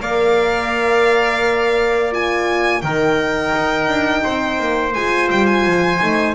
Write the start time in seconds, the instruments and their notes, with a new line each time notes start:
0.00 double bass A#3, horn A#4, trumpet D5, violin F5
2.12 horn F4, violin G#5
2.82 double bass D#3, horn D#4, trumpet A#4, violin G5
3.55 double bass D#4
3.88 double bass D4
4.24 double bass C4, trumpet C5
4.59 double bass A#3
4.94 double bass G#3, horn F4, violin G#5
5.31 double bass G3, violin G5
5.46 violin G#5
5.66 double bass F3
6.01 double bass A3, horn D#4